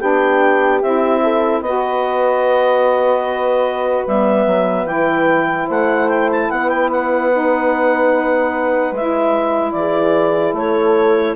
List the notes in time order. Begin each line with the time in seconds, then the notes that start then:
0.00 B3 D4 G4 G5
0.82 C4 E4 E5
1.23 A4
1.61 B3 F#4 B4 D#5
4.08 G3 B3 E5
4.47 F#3
4.86 E3 E4 G5
5.67 A3 C5 F#5
6.09 G5
6.32 A5
6.51 B3 B4 F#5
6.69 G5
6.92 F#5
7.32 D#4
8.92 G#3 E4 E5
9.73 E3 G#4 D5
10.53 A3 A4 C#5